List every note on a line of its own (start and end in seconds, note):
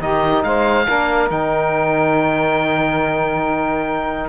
0.00 0.44 D#3
0.00 0.86 D#4
0.00 0.45 G4
0.00 0.43 D#5
0.43 0.87 G#3
0.43 0.87 C5
0.43 1.30 F5
0.87 1.31 A#3
0.87 1.31 D4
0.87 4.29 A#4
1.30 4.29 D#3
1.30 4.29 D#4
1.30 4.29 G5